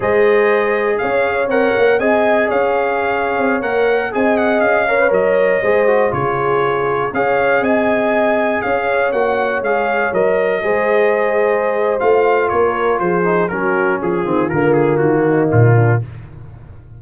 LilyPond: <<
  \new Staff \with { instrumentName = "trumpet" } { \time 4/4 \tempo 4 = 120 dis''2 f''4 fis''4 | gis''4 f''2~ f''16 fis''8.~ | fis''16 gis''8 fis''8 f''4 dis''4.~ dis''16~ | dis''16 cis''2 f''4 gis''8.~ |
gis''4~ gis''16 f''4 fis''4 f''8.~ | f''16 dis''2.~ dis''8. | f''4 cis''4 c''4 ais'4 | gis'4 ais'8 gis'8 fis'4 f'4 | }
  \new Staff \with { instrumentName = "horn" } { \time 4/4 c''2 cis''2 | dis''4 cis''2.~ | cis''16 dis''4. cis''4. c''8.~ | c''16 gis'2 cis''4 dis''8.~ |
dis''4~ dis''16 cis''2~ cis''8.~ | cis''4~ cis''16 c''2~ c''8.~ | c''4 ais'4 gis'4 fis'4 | f'2~ f'8 dis'4 d'8 | }
  \new Staff \with { instrumentName = "trombone" } { \time 4/4 gis'2. ais'4 | gis'2.~ gis'16 ais'8.~ | ais'16 gis'4. ais'16 b'16 ais'4 gis'8 fis'16~ | fis'16 f'2 gis'4.~ gis'16~ |
gis'2~ gis'16 fis'4 gis'8.~ | gis'16 ais'4 gis'2~ gis'8. | f'2~ f'8 dis'8 cis'4~ | cis'8 c'8 ais2. | }
  \new Staff \with { instrumentName = "tuba" } { \time 4/4 gis2 cis'4 c'8 ais8 | c'4 cis'4.~ cis'16 c'8 ais8.~ | ais16 c'4 cis'4 fis4 gis8.~ | gis16 cis2 cis'4 c'8.~ |
c'4~ c'16 cis'4 ais4 gis8.~ | gis16 fis4 gis2~ gis8. | a4 ais4 f4 fis4 | f8 dis8 d4 dis4 ais,4 | }
>>